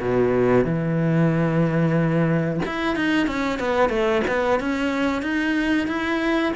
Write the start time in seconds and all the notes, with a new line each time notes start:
0.00 B2
0.65 E3
2.66 E4
2.96 D#4
3.27 C#4
3.60 B3
3.90 A3
4.27 B3
4.60 C#4
5.22 D#4
5.88 E4